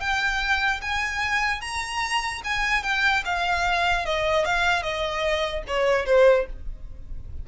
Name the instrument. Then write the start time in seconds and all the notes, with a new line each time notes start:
violin
0.00 G5
0.81 G#5
1.61 A#5
2.44 G#5
2.83 G5
3.25 F5
4.05 D#5
4.45 F5
4.83 D#5
5.67 C#5
6.06 C5